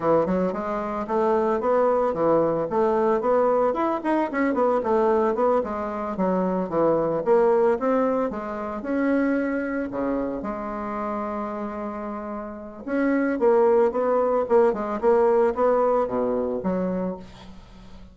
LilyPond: \new Staff \with { instrumentName = "bassoon" } { \time 4/4 \tempo 4 = 112 e8 fis8 gis4 a4 b4 | e4 a4 b4 e'8 dis'8 | cis'8 b8 a4 b8 gis4 fis8~ | fis8 e4 ais4 c'4 gis8~ |
gis8 cis'2 cis4 gis8~ | gis1 | cis'4 ais4 b4 ais8 gis8 | ais4 b4 b,4 fis4 | }